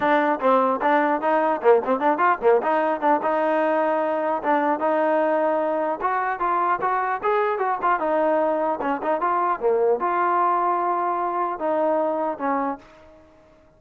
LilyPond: \new Staff \with { instrumentName = "trombone" } { \time 4/4 \tempo 4 = 150 d'4 c'4 d'4 dis'4 | ais8 c'8 d'8 f'8 ais8 dis'4 d'8 | dis'2. d'4 | dis'2. fis'4 |
f'4 fis'4 gis'4 fis'8 f'8 | dis'2 cis'8 dis'8 f'4 | ais4 f'2.~ | f'4 dis'2 cis'4 | }